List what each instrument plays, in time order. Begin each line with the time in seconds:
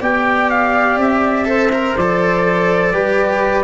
0.00 tuba B3, cello G4, flute D5, trumpet G5
0.50 trumpet F5
0.97 tuba C4, trumpet E5
1.45 cello A4, flute C5
1.72 cello A#4
1.96 tuba F3, cello A4, trumpet D5
2.92 tuba G3, cello G4, flute B4